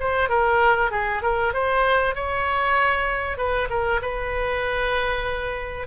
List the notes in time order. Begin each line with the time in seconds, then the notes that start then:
0.00 C5
0.29 A#4
0.91 G#4
1.22 A#4
1.54 C5
2.15 C#5
3.37 B4
3.70 A#4
4.02 B4